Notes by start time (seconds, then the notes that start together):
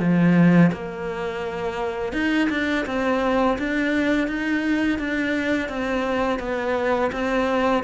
0.00 F3
0.73 A#3
2.13 D#4
2.50 D4
2.87 C4
3.59 D4
4.28 D#4
4.99 D4
5.69 C4
6.40 B3
7.12 C4